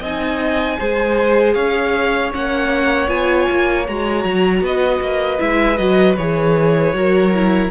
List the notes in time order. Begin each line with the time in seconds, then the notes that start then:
0.00 C4 D#4 D#5 G#5
0.78 G#3 G#4 C5
1.53 C#4 C#5 F5
2.32 A#3 C#4 F#5
3.07 B3 F4 G#5
3.50 A#3
3.87 G#3 F#4 A#5
4.24 F#3
4.61 B3 B4 D#5
5.00 A#3
5.38 G#3 E4 E5
5.77 F#3 F#4 D#5
6.16 E3 G#4 C#5
6.93 F#3 F#4 A#4
7.33 E4